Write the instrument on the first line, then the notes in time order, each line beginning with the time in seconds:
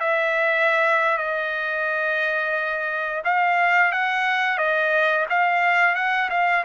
trumpet
0.00 E5
1.18 D#5
3.24 F5
3.92 F#5
4.58 D#5
5.30 F5
5.95 F#5
6.30 F5